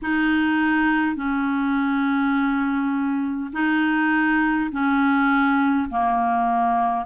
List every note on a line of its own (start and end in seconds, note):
0.02 1.16 D#4
1.16 3.51 C#4
3.52 4.70 D#4
4.71 5.89 C#4
5.89 7.05 A#3